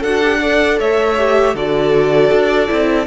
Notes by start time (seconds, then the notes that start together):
0.00 D4 F#4 A4 F#5
0.22 G4
0.41 A4 D5
0.79 A3 C#5 E5
1.18 G4
1.54 D3 F#4 A4 D5
2.32 D4
2.68 C4 E4